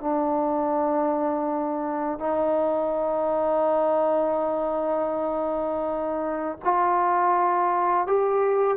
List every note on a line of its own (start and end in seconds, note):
0.00 2.19 D4
2.19 6.58 D#4
6.64 8.07 F4
8.07 8.77 G4